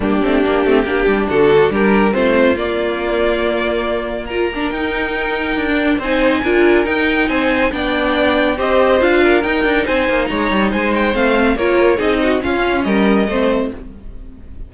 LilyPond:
<<
  \new Staff \with { instrumentName = "violin" } { \time 4/4 \tempo 4 = 140 g'2. a'4 | ais'4 c''4 d''2~ | d''2 ais''4 g''4~ | g''2 gis''2 |
g''4 gis''4 g''2 | dis''4 f''4 g''4 gis''4 | ais''4 gis''8 g''8 f''4 cis''4 | dis''4 f''4 dis''2 | }
  \new Staff \with { instrumentName = "violin" } { \time 4/4 d'2 g'4 fis'4 | g'4 f'2.~ | f'2 ais'2~ | ais'2 c''4 ais'4~ |
ais'4 c''4 d''2 | c''4. ais'4. c''4 | cis''4 c''2 ais'4 | gis'8 fis'8 f'4 ais'4 c''4 | }
  \new Staff \with { instrumentName = "viola" } { \time 4/4 ais8 c'8 d'8 c'8 d'2~ | d'4 c'4 ais2~ | ais2 f'8 d'8 dis'4~ | dis'4~ dis'16 d'8. dis'4 f'4 |
dis'2 d'2 | g'4 f'4 dis'2~ | dis'2 c'4 f'4 | dis'4 cis'2 c'4 | }
  \new Staff \with { instrumentName = "cello" } { \time 4/4 g8 a8 ais8 a8 ais8 g8 d4 | g4 a4 ais2~ | ais2. dis'4~ | dis'4 d'4 c'4 d'4 |
dis'4 c'4 b2 | c'4 d'4 dis'8 d'8 c'8 ais8 | gis8 g8 gis4 a4 ais4 | c'4 cis'4 g4 a4 | }
>>